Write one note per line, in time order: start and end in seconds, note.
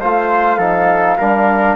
0.00 0.58 A3
0.00 0.60 F4
0.00 0.58 C5
0.00 1.76 F5
0.58 1.17 F3
0.58 1.19 D#4
0.58 1.17 A4
1.18 1.76 G3
1.18 1.76 D4
1.18 1.76 A#4